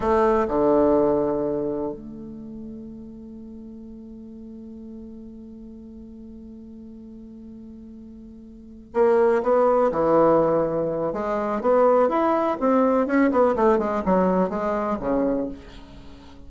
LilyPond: \new Staff \with { instrumentName = "bassoon" } { \time 4/4 \tempo 4 = 124 a4 d2. | a1~ | a1~ | a1~ |
a2~ a8 ais4 b8~ | b8 e2~ e8 gis4 | b4 e'4 c'4 cis'8 b8 | a8 gis8 fis4 gis4 cis4 | }